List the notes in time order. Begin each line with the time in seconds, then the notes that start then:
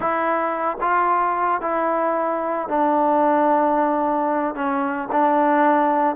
0.00 E4
0.80 F4
1.61 E4
2.68 D4
4.54 C#4
5.12 D4